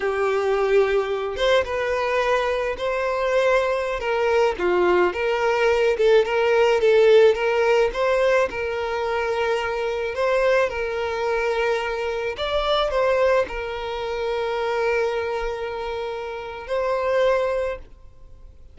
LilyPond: \new Staff \with { instrumentName = "violin" } { \time 4/4 \tempo 4 = 108 g'2~ g'8 c''8 b'4~ | b'4 c''2~ c''16 ais'8.~ | ais'16 f'4 ais'4. a'8 ais'8.~ | ais'16 a'4 ais'4 c''4 ais'8.~ |
ais'2~ ais'16 c''4 ais'8.~ | ais'2~ ais'16 d''4 c''8.~ | c''16 ais'2.~ ais'8.~ | ais'2 c''2 | }